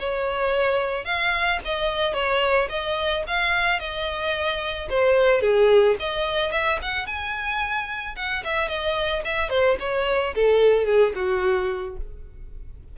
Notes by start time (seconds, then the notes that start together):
0.00 C#5
1.05 F5
1.65 D#5
2.14 C#5
2.70 D#5
3.28 F5
3.80 D#5
4.90 C5
5.42 G#4
6.00 D#5
6.52 E5
6.82 F#5
7.07 G#5
8.16 F#5
8.44 E5
8.69 D#5
9.25 E5
9.50 C5
9.80 C#5
10.35 A4
10.86 G#4
11.15 F#4